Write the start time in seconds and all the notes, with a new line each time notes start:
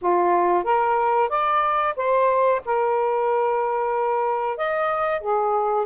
0.01 F4
0.64 A#4
1.29 D5
1.96 C5
2.65 A#4
4.57 D#5
5.21 G#4